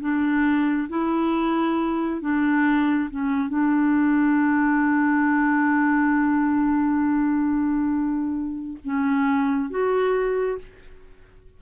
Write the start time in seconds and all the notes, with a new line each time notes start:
0.00 D4
0.89 E4
2.21 D4
3.10 C#4
3.49 D4
8.84 C#4
9.70 F#4